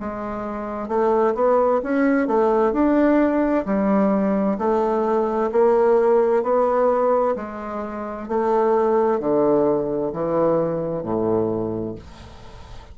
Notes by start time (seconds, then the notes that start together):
0.00 G#3
0.89 A3
1.35 B3
1.83 C#4
2.28 A3
2.73 D4
3.66 G3
4.59 A3
5.52 A#3
6.43 B3
7.36 G#3
8.28 A3
9.20 D3
10.13 E3
11.03 A2